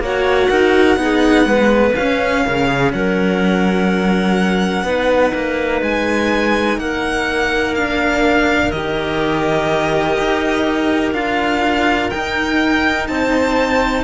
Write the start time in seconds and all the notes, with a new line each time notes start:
0.00 A#3 F#4 C#5 F#5
0.50 D#4 A#4
0.97 B3 D#4 G#4
1.46 G#3 B4
1.95 C#4 F5
2.46 C#3 A#4
2.67 G#4
2.93 F#3 A#4 F#5
4.84 B3 D#4 B4
5.34 A#3
5.82 G#3 G#5
6.78 A#3 A#4 F#5
7.75 D4 F5
8.72 D#3 G4 D#5
10.18 D#4
11.13 D4 F4 F5
12.10 D#4 G5
13.07 C4 C5 A5